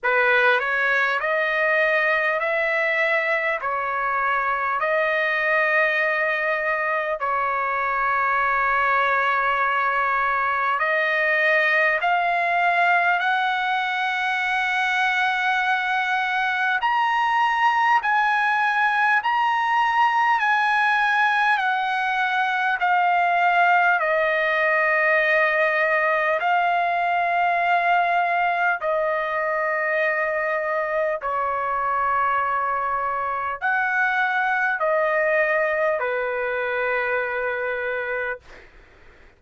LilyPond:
\new Staff \with { instrumentName = "trumpet" } { \time 4/4 \tempo 4 = 50 b'8 cis''8 dis''4 e''4 cis''4 | dis''2 cis''2~ | cis''4 dis''4 f''4 fis''4~ | fis''2 ais''4 gis''4 |
ais''4 gis''4 fis''4 f''4 | dis''2 f''2 | dis''2 cis''2 | fis''4 dis''4 b'2 | }